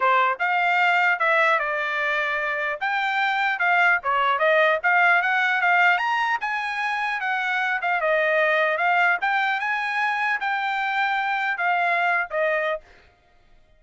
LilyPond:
\new Staff \with { instrumentName = "trumpet" } { \time 4/4 \tempo 4 = 150 c''4 f''2 e''4 | d''2. g''4~ | g''4 f''4 cis''4 dis''4 | f''4 fis''4 f''4 ais''4 |
gis''2 fis''4. f''8 | dis''2 f''4 g''4 | gis''2 g''2~ | g''4 f''4.~ f''16 dis''4~ dis''16 | }